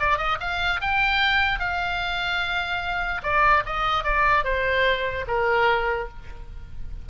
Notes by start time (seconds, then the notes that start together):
0.00 D5
0.18 D#5
0.40 F5
0.81 G5
1.60 F5
3.23 D5
3.66 D#5
4.04 D5
4.44 C5
5.28 A#4